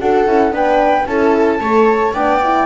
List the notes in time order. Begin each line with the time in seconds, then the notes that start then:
0.00 D4 F#4 A4 F#5
0.27 C#4 E4
0.51 B3 D4 B4 G5
1.06 C#4 E4 A4 A5
1.60 A3 A4 C#5
2.14 B3 D4 D5 G5
2.43 E4